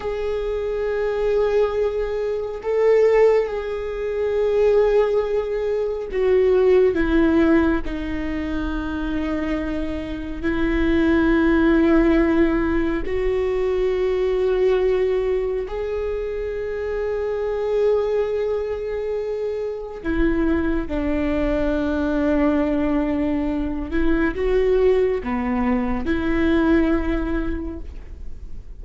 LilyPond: \new Staff \with { instrumentName = "viola" } { \time 4/4 \tempo 4 = 69 gis'2. a'4 | gis'2. fis'4 | e'4 dis'2. | e'2. fis'4~ |
fis'2 gis'2~ | gis'2. e'4 | d'2.~ d'8 e'8 | fis'4 b4 e'2 | }